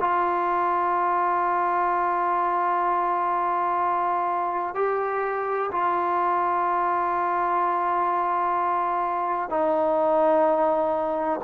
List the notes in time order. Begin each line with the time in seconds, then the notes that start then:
0.00 F4
4.74 G4
5.71 F4
9.49 D#4